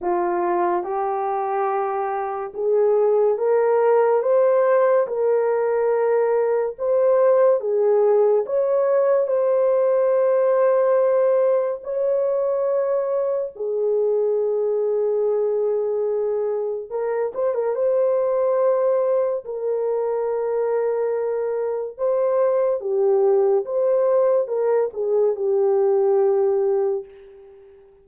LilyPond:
\new Staff \with { instrumentName = "horn" } { \time 4/4 \tempo 4 = 71 f'4 g'2 gis'4 | ais'4 c''4 ais'2 | c''4 gis'4 cis''4 c''4~ | c''2 cis''2 |
gis'1 | ais'8 c''16 ais'16 c''2 ais'4~ | ais'2 c''4 g'4 | c''4 ais'8 gis'8 g'2 | }